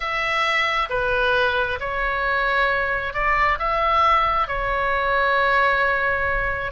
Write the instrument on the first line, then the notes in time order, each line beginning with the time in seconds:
oboe
0.00 E5
0.89 B4
1.80 C#5
3.13 D5
3.58 E5
4.47 C#5